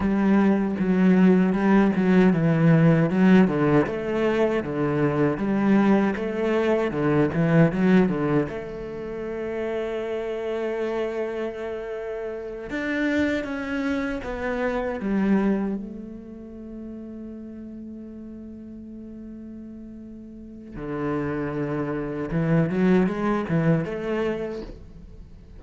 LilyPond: \new Staff \with { instrumentName = "cello" } { \time 4/4 \tempo 4 = 78 g4 fis4 g8 fis8 e4 | fis8 d8 a4 d4 g4 | a4 d8 e8 fis8 d8 a4~ | a1~ |
a8 d'4 cis'4 b4 g8~ | g8 a2.~ a8~ | a2. d4~ | d4 e8 fis8 gis8 e8 a4 | }